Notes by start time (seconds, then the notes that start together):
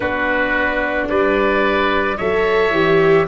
0.00 B3 D4 F#4 B4
1.09 G3 B4 D5
2.17 F#3 A4 C#5 E5
2.70 E3 G4